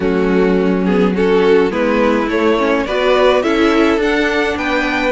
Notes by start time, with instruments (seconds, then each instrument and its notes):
0.00 cello F#3, viola A3, violin C#4 F#4
0.85 viola B3, violin G#4
1.14 viola C#4, violin F#4 A4
1.70 cello G#3, viola B3, violin E4 B4
2.27 cello A3, viola A3, violin C#5
2.58 viola C#4
2.86 cello B3, viola F#4, violin B4 D5
3.42 cello C#4, viola E4, violin A4 E5
3.97 cello D4, viola D4, violin F#5
4.56 cello B3, violin B4 G5